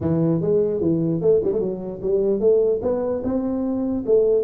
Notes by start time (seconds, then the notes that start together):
0.00 E3
0.41 G#3
0.80 E3
1.21 A3
1.44 G3
1.52 A3
1.60 F#3
2.02 G3
2.40 A3
2.82 B3
3.23 C4
4.06 A3